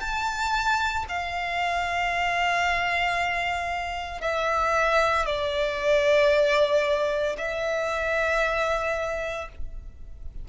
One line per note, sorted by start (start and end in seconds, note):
0.00 1.05 A5
1.09 4.21 F5
4.21 5.26 E5
5.26 7.36 D5
7.38 9.48 E5